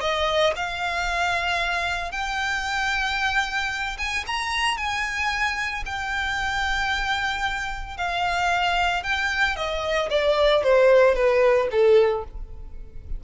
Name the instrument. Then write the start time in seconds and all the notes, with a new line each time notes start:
violin
0.00 D#5
0.56 F5
2.11 G5
3.98 G#5
4.26 A#5
4.77 G#5
5.85 G5
7.97 F5
9.03 G5
9.56 D#5
10.10 D5
10.63 C5
11.15 B4
11.71 A4